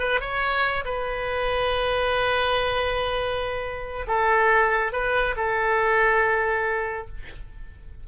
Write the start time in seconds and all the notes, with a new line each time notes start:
0.00 B4
0.21 C#5
0.85 B4
4.08 A4
4.93 B4
5.37 A4